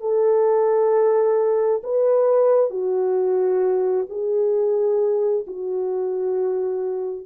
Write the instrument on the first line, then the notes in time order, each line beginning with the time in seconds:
horn
0.00 A4
1.83 B4
2.70 F#4
4.09 G#4
5.47 F#4